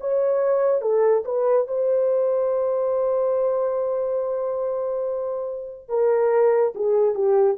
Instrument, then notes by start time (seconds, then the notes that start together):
horn
0.00 C#5
0.81 A4
1.25 B4
1.67 C5
5.88 A#4
6.75 G#4
7.14 G4